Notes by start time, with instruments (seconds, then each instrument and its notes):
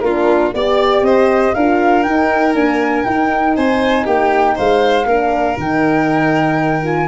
0.00 tuba A#3, horn D4, violin F4, flute A#4
0.53 tuba B3, horn G4, flute D5, violin D5
1.02 tuba C4, violin C5, flute D#5
1.54 tuba D4, horn F4, violin A#4, flute F5
2.03 horn D#4, tuba D#4, flute G5
2.54 horn A#3, tuba D4, flute G#5
3.04 tuba D#4, horn D#4, flute G5
3.55 tuba C4, violin C5, flute G#5
4.04 tuba A#3, violin G4, flute G5
4.55 tuba G#3, violin C5, flute F5
5.05 tuba A#3, horn D4, violin A#4
5.57 tuba D#3, horn D#4, flute G5
6.83 horn F4, flute G#5